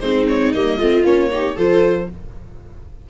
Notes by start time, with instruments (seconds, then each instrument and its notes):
0.00 tuba G#3, viola C4 D#4, violin C5
0.28 violin C#5
0.52 tuba G3, viola A#3, violin D#5
0.77 tuba A3, viola C4 F4
1.03 tuba A#3, viola C#4, violin C#5
1.31 viola D#4 G4
1.55 tuba F3, viola F4 A4, violin C5